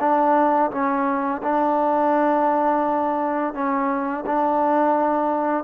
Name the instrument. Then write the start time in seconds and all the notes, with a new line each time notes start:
trombone
0.00 D4
0.71 C#4
1.43 D4
3.54 C#4
4.26 D4